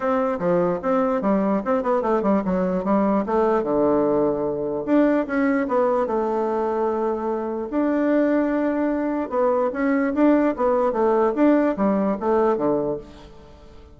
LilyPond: \new Staff \with { instrumentName = "bassoon" } { \time 4/4 \tempo 4 = 148 c'4 f4 c'4 g4 | c'8 b8 a8 g8 fis4 g4 | a4 d2. | d'4 cis'4 b4 a4~ |
a2. d'4~ | d'2. b4 | cis'4 d'4 b4 a4 | d'4 g4 a4 d4 | }